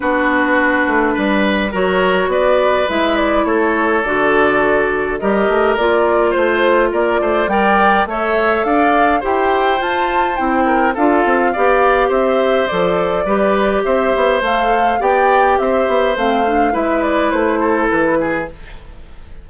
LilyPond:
<<
  \new Staff \with { instrumentName = "flute" } { \time 4/4 \tempo 4 = 104 b'2. cis''4 | d''4 e''8 d''8 cis''4 d''4~ | d''4 dis''4 d''4 c''4 | d''4 g''4 e''4 f''4 |
g''4 a''4 g''4 f''4~ | f''4 e''4 d''2 | e''4 f''4 g''4 e''4 | f''4 e''8 d''8 c''4 b'4 | }
  \new Staff \with { instrumentName = "oboe" } { \time 4/4 fis'2 b'4 ais'4 | b'2 a'2~ | a'4 ais'2 c''4 | ais'8 c''8 d''4 cis''4 d''4 |
c''2~ c''8 ais'8 a'4 | d''4 c''2 b'4 | c''2 d''4 c''4~ | c''4 b'4. a'4 gis'8 | }
  \new Staff \with { instrumentName = "clarinet" } { \time 4/4 d'2. fis'4~ | fis'4 e'2 fis'4~ | fis'4 g'4 f'2~ | f'4 ais'4 a'2 |
g'4 f'4 e'4 f'4 | g'2 a'4 g'4~ | g'4 a'4 g'2 | c'8 d'8 e'2. | }
  \new Staff \with { instrumentName = "bassoon" } { \time 4/4 b4. a8 g4 fis4 | b4 gis4 a4 d4~ | d4 g8 a8 ais4 a4 | ais8 a8 g4 a4 d'4 |
e'4 f'4 c'4 d'8 c'8 | b4 c'4 f4 g4 | c'8 b8 a4 b4 c'8 b8 | a4 gis4 a4 e4 | }
>>